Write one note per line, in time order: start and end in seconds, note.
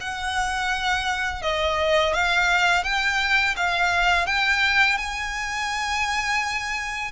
0.00 1.42 F#5
1.42 2.13 D#5
2.13 2.83 F5
2.83 3.55 G5
3.56 4.26 F5
4.26 4.97 G5
4.97 7.11 G#5